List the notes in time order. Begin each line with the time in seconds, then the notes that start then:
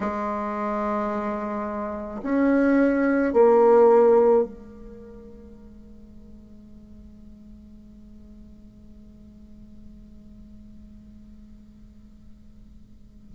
0.00 G#3
2.22 C#4
3.33 A#3
4.43 G#3